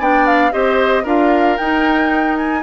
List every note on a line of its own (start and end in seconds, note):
0.00 0.53 B3
0.00 0.52 D4
0.00 0.53 D5
0.00 0.27 G5
0.27 0.53 F5
0.52 1.05 C4
0.52 1.04 G4
0.52 1.04 C5
0.52 1.06 D#5
1.04 1.58 D4
1.04 1.58 F4
1.04 2.61 A#4
1.04 1.58 F5
1.58 2.63 D#4
1.58 2.37 G5
2.37 2.63 G#5